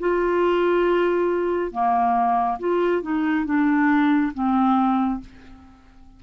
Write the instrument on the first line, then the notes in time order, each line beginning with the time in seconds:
clarinet
0.00 F4
1.72 A#3
2.59 F4
3.02 D#4
3.45 D4
4.34 C4